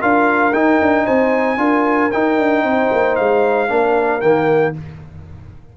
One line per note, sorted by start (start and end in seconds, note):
0.00 0.53 D4
0.00 0.53 F4
0.00 1.05 A#4
0.00 0.54 F5
0.53 0.79 D#4
0.53 1.58 D#4
0.53 1.06 G5
0.82 1.08 D4
1.05 1.58 C4
1.05 1.58 C5
1.05 2.11 G#5
1.58 2.11 D4
1.58 2.11 F4
1.58 2.64 A#4
2.11 3.69 D#4
2.11 2.38 D#4
2.11 3.16 G5
2.38 2.64 D4
2.64 2.90 C4
2.64 3.70 C5
2.92 3.19 A#3
3.16 3.70 G#3
3.16 4.21 F5
3.69 4.22 A#3
3.69 4.21 D4
3.69 4.77 A#4
4.21 4.75 D#3
4.21 4.75 A#3
4.21 4.74 G5